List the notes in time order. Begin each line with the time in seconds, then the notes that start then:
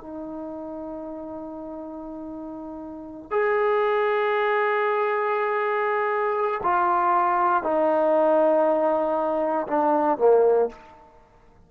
0.00 D#4
3.31 G#4
6.63 F4
7.63 D#4
9.67 D4
10.17 A#3